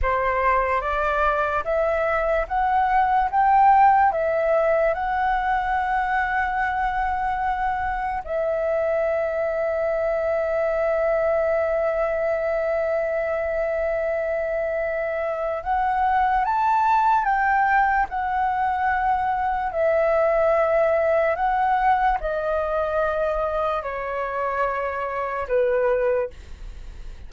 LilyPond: \new Staff \with { instrumentName = "flute" } { \time 4/4 \tempo 4 = 73 c''4 d''4 e''4 fis''4 | g''4 e''4 fis''2~ | fis''2 e''2~ | e''1~ |
e''2. fis''4 | a''4 g''4 fis''2 | e''2 fis''4 dis''4~ | dis''4 cis''2 b'4 | }